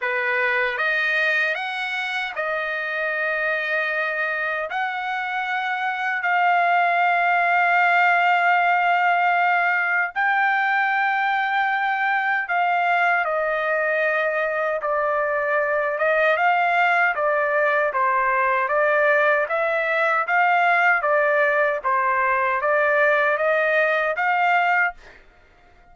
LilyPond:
\new Staff \with { instrumentName = "trumpet" } { \time 4/4 \tempo 4 = 77 b'4 dis''4 fis''4 dis''4~ | dis''2 fis''2 | f''1~ | f''4 g''2. |
f''4 dis''2 d''4~ | d''8 dis''8 f''4 d''4 c''4 | d''4 e''4 f''4 d''4 | c''4 d''4 dis''4 f''4 | }